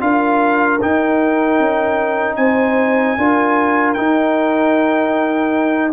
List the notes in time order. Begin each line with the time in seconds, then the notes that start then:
0.00 D4 F4 A#4 F5
0.81 D#4 G5
1.59 C#4
2.36 C4 C5 G#5
3.17 D4 F4 A#4
3.93 D#4 G5